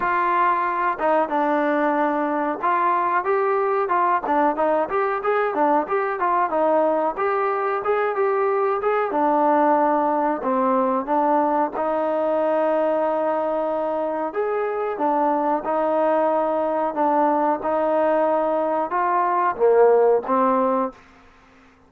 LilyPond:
\new Staff \with { instrumentName = "trombone" } { \time 4/4 \tempo 4 = 92 f'4. dis'8 d'2 | f'4 g'4 f'8 d'8 dis'8 g'8 | gis'8 d'8 g'8 f'8 dis'4 g'4 | gis'8 g'4 gis'8 d'2 |
c'4 d'4 dis'2~ | dis'2 gis'4 d'4 | dis'2 d'4 dis'4~ | dis'4 f'4 ais4 c'4 | }